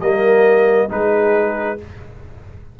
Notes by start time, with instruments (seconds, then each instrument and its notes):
0.00 tuba G3, trombone A#3, horn A#4, trumpet D#5
0.89 tuba G#3, trombone D#4, horn G#4, trumpet B4